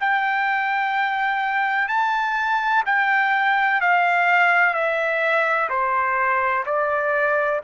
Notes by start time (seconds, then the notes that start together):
0.00 G5
1.88 A5
2.86 G5
3.81 F5
4.74 E5
5.69 C5
6.66 D5